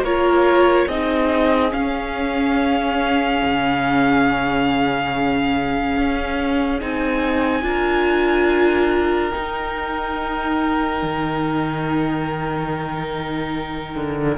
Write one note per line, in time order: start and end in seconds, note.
0.00 0.85 A#3
0.00 0.90 F4
0.00 0.87 A#4
0.00 0.88 C#5
0.87 1.72 C4
0.87 1.70 D#4
0.87 7.63 G#4
0.87 1.72 D#5
1.70 6.77 C#4
1.70 3.42 C#4
1.70 6.79 F5
3.43 5.97 C#3
5.97 6.81 C#4
6.80 7.63 C4
6.80 7.62 D#4
6.80 9.29 G#5
7.62 9.32 D4
7.62 9.31 F4
7.62 14.38 A#4
9.29 14.38 D#4
9.29 14.36 G5
9.35 11.02 D#4
11.02 13.95 D#3
13.95 14.37 D3